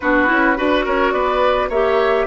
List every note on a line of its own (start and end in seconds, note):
0.00 0.31 B3
0.00 0.26 D4
0.00 0.57 F#4
0.00 0.84 B4
0.26 0.59 C#4
0.26 0.55 E4
0.55 0.86 D4
0.55 1.70 F#4
0.55 0.85 B4
0.85 1.12 C#4
0.85 1.13 A#4
0.85 1.12 C#5
1.12 1.69 B3
1.12 1.69 B4
1.12 1.69 D5
1.69 2.26 A#3
1.69 2.26 G4
1.69 2.26 C#5
1.69 2.26 E5